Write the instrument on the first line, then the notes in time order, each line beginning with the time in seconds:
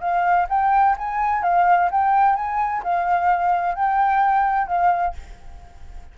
flute
0.00 F5
0.49 G5
0.98 G#5
1.43 F5
1.91 G5
2.35 G#5
2.83 F5
3.75 G5
4.67 F5